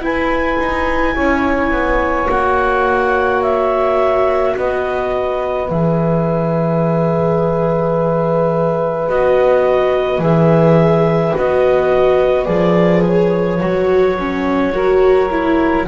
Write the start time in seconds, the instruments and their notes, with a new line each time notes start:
0.00 viola E4, double bass E4, saxophone B4, clarinet G#5
0.59 double bass D#4
1.14 double bass C#4, saxophone C#5
1.71 double bass B3
2.26 double bass A#3, viola F#4, clarinet F#5
3.42 clarinet E5
4.55 double bass B3, saxophone B4, clarinet D#5
5.69 double bass E3, viola G#4, clarinet E5
9.09 double bass B3, viola F#4, clarinet D#5
10.18 double bass E3, viola G#4, clarinet E5
11.34 double bass B3, viola F#4, clarinet D#5
12.45 double bass F3, viola G#4, clarinet D5
13.08 clarinet C#5
13.60 double bass F#3, viola F#4
14.19 viola C#4
14.72 viola F#4, saxophone A#4
15.30 viola E4